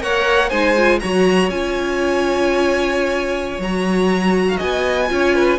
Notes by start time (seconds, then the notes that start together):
0.00 A#3 A#4 C#5 F#5
0.49 G#3 D#4 C5 G#5
0.76 F4
0.99 F#3 F#4 C#5 A#5
1.49 C#4 F4 G#5
3.58 F#3 F#4 A#5
4.48 F5
4.56 D#5 G#5
4.63 B3
5.08 C#4 F4 C#5
5.35 B4